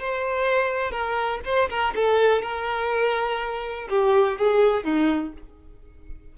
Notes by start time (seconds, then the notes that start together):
0.00 C5
0.92 A#4
1.45 C5
1.70 A#4
1.96 A4
2.43 A#4
3.89 G4
4.38 G#4
4.84 D#4